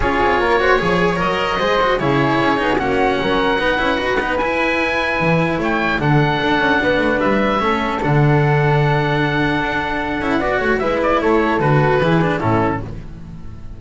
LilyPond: <<
  \new Staff \with { instrumentName = "oboe" } { \time 4/4 \tempo 4 = 150 cis''2. dis''4~ | dis''4 cis''2 fis''4~ | fis''2. gis''4~ | gis''2 g''4 fis''4~ |
fis''2 e''2 | fis''1~ | fis''2. e''8 d''8 | cis''4 b'2 a'4 | }
  \new Staff \with { instrumentName = "flute" } { \time 4/4 gis'4 ais'8 c''8 cis''2 | c''4 gis'2 fis'4 | ais'4 b'2.~ | b'2 cis''4 a'4~ |
a'4 b'2 a'4~ | a'1~ | a'2 d''8 cis''8 b'4 | a'2 gis'4 e'4 | }
  \new Staff \with { instrumentName = "cello" } { \time 4/4 f'4. fis'8 gis'4 ais'4 | gis'8 fis'8 e'4. dis'8 cis'4~ | cis'4 dis'8 e'8 fis'8 dis'8 e'4~ | e'2. d'4~ |
d'2. cis'4 | d'1~ | d'4. e'8 fis'4 e'4~ | e'4 fis'4 e'8 d'8 cis'4 | }
  \new Staff \with { instrumentName = "double bass" } { \time 4/4 cis'8 c'8 ais4 f4 fis4 | gis4 cis4 cis'8 b8 ais4 | fis4 b8 cis'8 dis'8 b8 e'4~ | e'4 e4 a4 d4 |
d'8 cis'8 b8 a8 g4 a4 | d1 | d'4. cis'8 b8 a8 gis4 | a4 d4 e4 a,4 | }
>>